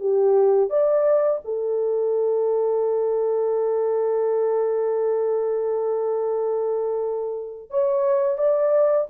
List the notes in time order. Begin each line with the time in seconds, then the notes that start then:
0.00 G4
0.70 D5
1.45 A4
7.71 C#5
8.38 D5